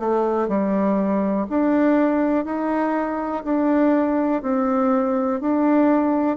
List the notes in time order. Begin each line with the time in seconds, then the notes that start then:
0.00 A3
0.49 G3
1.50 D4
2.45 D#4
3.45 D4
4.43 C4
5.41 D4